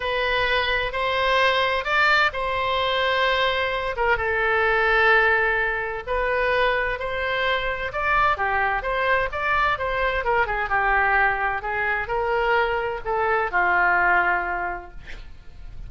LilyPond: \new Staff \with { instrumentName = "oboe" } { \time 4/4 \tempo 4 = 129 b'2 c''2 | d''4 c''2.~ | c''8 ais'8 a'2.~ | a'4 b'2 c''4~ |
c''4 d''4 g'4 c''4 | d''4 c''4 ais'8 gis'8 g'4~ | g'4 gis'4 ais'2 | a'4 f'2. | }